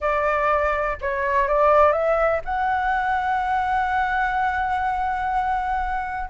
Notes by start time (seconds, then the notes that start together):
0.00 D5
1.01 C#5
1.48 D5
1.92 E5
2.44 F#5